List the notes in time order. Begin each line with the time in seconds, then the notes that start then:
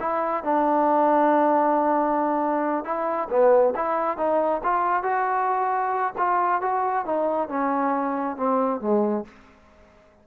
0.00 E4
0.44 D4
2.85 E4
3.30 B3
3.76 E4
4.18 D#4
4.64 F4
5.04 F#4
6.18 F4
6.62 F#4
7.05 D#4
7.49 C#4
8.37 C4
8.81 G#3